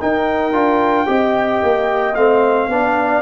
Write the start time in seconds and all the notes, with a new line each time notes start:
0.00 D#4 A#4 G5
0.53 D4 F4
1.07 C4 G4 D#5
1.63 A#3
2.15 A3 C4 F5
2.67 B3 D4 D5